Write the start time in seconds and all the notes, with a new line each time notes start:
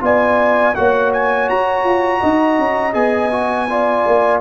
0.00 B3 F4 D5 G#5
0.75 A#3 F#4 C#5 F#5
1.13 G#5
1.48 F#4 A#5
1.84 F4
2.20 D#4 D#5
2.58 C#4
2.93 B3 G#4 G#5
3.31 F#4
3.69 F4 D5
4.06 A#3